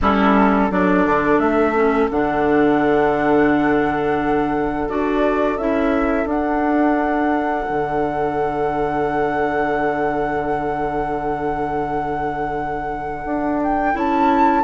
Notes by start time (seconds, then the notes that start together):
0.01 G3 C#4 E4 A4
0.70 F#3 D4 A4 D5
1.05 D3
1.38 A3 E5
1.74 C#4
2.11 D3 D4 F#5
4.89 D4 F#4 D5
5.57 C#4 E4 E5
6.25 D4 F#5
7.69 D3
13.25 D4
13.62 G5
13.93 C#4 E4 A5